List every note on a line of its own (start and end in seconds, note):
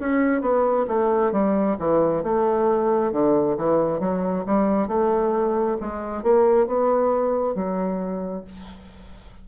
0.00 0.42 C#4
0.42 0.86 B3
0.88 1.32 A3
1.32 1.77 G3
1.79 2.23 E3
2.23 3.12 A3
3.12 3.57 D3
3.57 4.00 E3
4.00 4.45 F#3
4.46 4.88 G3
4.88 5.77 A3
5.81 6.23 G#3
6.23 6.67 A#3
6.67 7.55 B3
7.55 8.44 F#3